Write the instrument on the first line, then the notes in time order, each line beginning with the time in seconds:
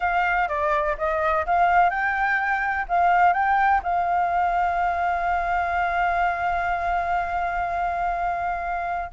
flute
0.00 F5
0.48 D5
0.97 D#5
1.46 F5
1.90 G5
2.88 F5
3.33 G5
3.83 F5